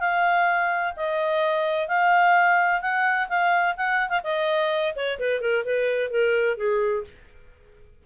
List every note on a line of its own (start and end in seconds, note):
0.00 0.94 F5
0.97 1.88 D#5
1.88 2.81 F5
2.81 3.28 F#5
3.29 3.76 F5
3.77 4.09 F#5
4.09 4.21 F5
4.24 4.94 D#5
4.96 5.19 C#5
5.19 5.41 B4
5.41 5.64 A#4
5.65 6.10 B4
6.10 6.57 A#4
6.57 7.04 G#4